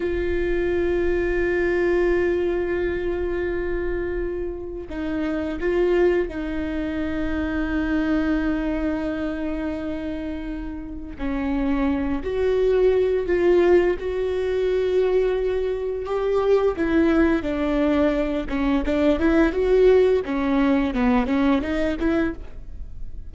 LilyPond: \new Staff \with { instrumentName = "viola" } { \time 4/4 \tempo 4 = 86 f'1~ | f'2. dis'4 | f'4 dis'2.~ | dis'1 |
cis'4. fis'4. f'4 | fis'2. g'4 | e'4 d'4. cis'8 d'8 e'8 | fis'4 cis'4 b8 cis'8 dis'8 e'8 | }